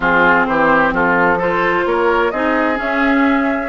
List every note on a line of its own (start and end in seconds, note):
0.00 0.46 F3
0.00 1.39 C4
0.00 0.46 F4
0.00 0.46 G#4
0.46 0.92 E3
0.46 0.94 G4
0.46 0.92 C5
0.92 1.85 F3
0.92 1.38 F4
0.92 1.41 A4
1.38 2.32 F4
1.38 1.85 A4
1.38 1.87 C5
1.85 2.32 A#3
1.85 2.32 A#4
1.85 2.31 C#5
2.31 2.79 C4
2.31 2.75 D#4
2.31 3.68 G#4
2.31 2.77 D#5
2.75 3.68 C#4
2.75 3.68 E5